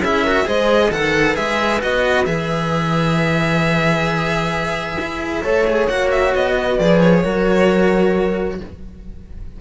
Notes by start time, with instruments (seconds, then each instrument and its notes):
0.00 cello C#4 E4, horn G#4, violin E5
0.24 cello F#4, horn A#4
0.45 cello G#3 G#4, horn C5, violin D#5
0.91 cello D#3 A4, horn B4, violin F#5
1.35 cello G#3 G#4, violin E5
1.80 cello B3 F#4, violin D#5
2.26 cello E3 G#4, violin E5
5.00 cello E4
5.42 cello A3 A4, horn C#5
5.67 cello G#4
5.87 cello A#3 F#4, violin F#5
6.11 violin E5
6.35 cello B3, violin D#5
6.56 horn B4
6.79 cello F3 G#4, violin D5
7.01 violin C#5
7.24 cello F#3 F#4, horn A#4